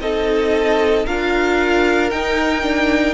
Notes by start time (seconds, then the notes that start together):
0.00 C4 D#4 A4 D#5
1.05 D4 F4 A#4 F5
2.10 D#4 G5
2.62 D4